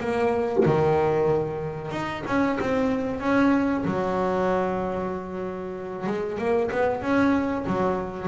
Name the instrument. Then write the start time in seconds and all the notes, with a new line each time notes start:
double bass
0.00 A#3
0.66 D#3
1.91 D#4
2.27 C#4
2.61 C4
3.20 C#4
3.85 F#3
6.06 G#3
6.38 A#3
6.71 B3
7.02 C#4
7.67 F#3